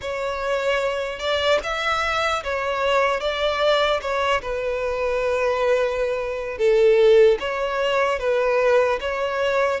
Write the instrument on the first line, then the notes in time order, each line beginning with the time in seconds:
violin
0.01 C#5
1.19 D5
1.63 E5
2.43 C#5
3.20 D5
4.01 C#5
4.41 B4
6.58 A4
7.39 C#5
8.19 B4
9.00 C#5